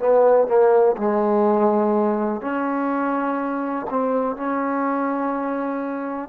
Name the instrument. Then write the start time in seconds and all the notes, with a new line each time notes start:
trombone
0.00 B3
0.48 A#3
0.98 G#3
2.41 C#4
3.90 C4
4.36 C#4